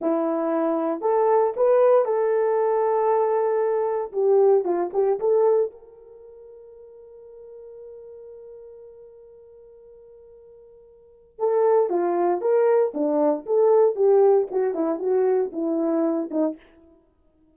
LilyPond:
\new Staff \with { instrumentName = "horn" } { \time 4/4 \tempo 4 = 116 e'2 a'4 b'4 | a'1 | g'4 f'8 g'8 a'4 ais'4~ | ais'1~ |
ais'1~ | ais'2 a'4 f'4 | ais'4 d'4 a'4 g'4 | fis'8 e'8 fis'4 e'4. dis'8 | }